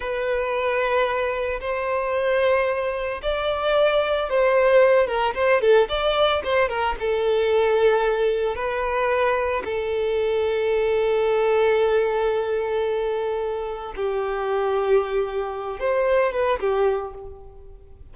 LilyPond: \new Staff \with { instrumentName = "violin" } { \time 4/4 \tempo 4 = 112 b'2. c''4~ | c''2 d''2 | c''4. ais'8 c''8 a'8 d''4 | c''8 ais'8 a'2. |
b'2 a'2~ | a'1~ | a'2 g'2~ | g'4. c''4 b'8 g'4 | }